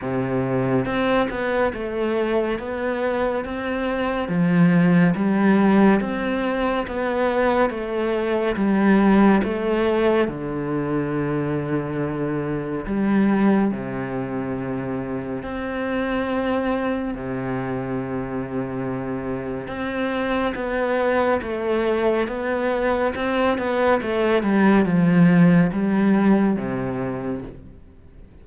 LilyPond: \new Staff \with { instrumentName = "cello" } { \time 4/4 \tempo 4 = 70 c4 c'8 b8 a4 b4 | c'4 f4 g4 c'4 | b4 a4 g4 a4 | d2. g4 |
c2 c'2 | c2. c'4 | b4 a4 b4 c'8 b8 | a8 g8 f4 g4 c4 | }